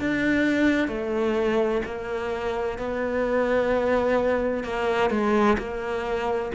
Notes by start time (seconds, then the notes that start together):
0.00 D4
0.88 A3
1.85 A#3
2.78 B3
4.64 A#3
5.10 G#3
5.58 A#3